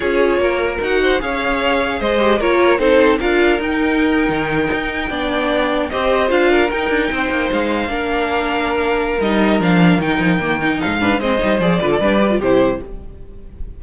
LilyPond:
<<
  \new Staff \with { instrumentName = "violin" } { \time 4/4 \tempo 4 = 150 cis''2 fis''4 f''4~ | f''4 dis''4 cis''4 c''4 | f''4 g''2.~ | g''2~ g''8. dis''4 f''16~ |
f''8. g''2 f''4~ f''16~ | f''2. dis''4 | f''4 g''2 f''4 | dis''4 d''2 c''4 | }
  \new Staff \with { instrumentName = "violin" } { \time 4/4 gis'4 ais'4. c''8 cis''4~ | cis''4 c''4 ais'4 a'4 | ais'1~ | ais'8. d''2 c''4~ c''16~ |
c''16 ais'4. c''2 ais'16~ | ais'1~ | ais'2. a'8 b'8 | c''4. b'16 a'16 b'4 g'4 | }
  \new Staff \with { instrumentName = "viola" } { \time 4/4 f'2 fis'4 gis'4~ | gis'4. g'8 f'4 dis'4 | f'4 dis'2.~ | dis'8. d'2 g'4 f'16~ |
f'8. dis'2. d'16~ | d'2. dis'4 | d'4 dis'4 ais8 dis'4 d'8 | c'8 dis'8 gis'8 f'8 d'8 g'16 f'16 e'4 | }
  \new Staff \with { instrumentName = "cello" } { \time 4/4 cis'4 ais4 dis'4 cis'4~ | cis'4 gis4 ais4 c'4 | d'4 dis'4.~ dis'16 dis4 dis'16~ | dis'8. b2 c'4 d'16~ |
d'8. dis'8 d'8 c'8 ais8 gis4 ais16~ | ais2. g4 | f4 dis8 f8 dis4 gis,4 | gis8 g8 f8 d8 g4 c4 | }
>>